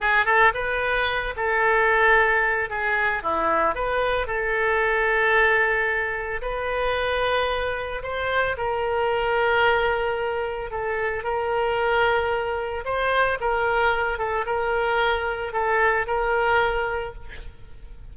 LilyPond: \new Staff \with { instrumentName = "oboe" } { \time 4/4 \tempo 4 = 112 gis'8 a'8 b'4. a'4.~ | a'4 gis'4 e'4 b'4 | a'1 | b'2. c''4 |
ais'1 | a'4 ais'2. | c''4 ais'4. a'8 ais'4~ | ais'4 a'4 ais'2 | }